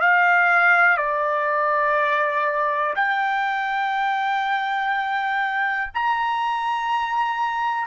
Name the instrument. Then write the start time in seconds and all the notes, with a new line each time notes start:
trumpet
0.00 F5
0.97 D5
2.96 G5
5.94 A#5